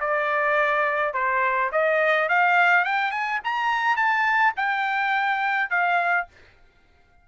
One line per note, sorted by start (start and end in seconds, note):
0.00 1.14 D5
1.14 1.71 C5
1.72 2.29 D#5
2.29 2.85 F5
2.85 3.11 G5
3.11 3.40 G#5
3.44 3.96 A#5
3.96 4.54 A5
4.57 5.70 G5
5.70 6.27 F5